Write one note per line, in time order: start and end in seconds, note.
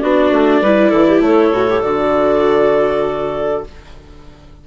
0.00 0.31 B3
0.00 0.65 D4
0.00 0.62 F#4
0.00 1.21 D5
0.31 0.62 A3
0.62 0.92 G3
0.62 1.54 E4
0.62 0.90 B4
0.90 1.21 E3
0.90 1.06 A4
1.08 1.23 G4
1.21 1.51 A3
1.21 3.68 A4
1.21 1.83 C#5
1.53 1.83 A2
1.53 1.69 F#4
1.70 1.83 G4
1.83 3.66 D3
1.83 3.65 F#4
1.83 3.64 D5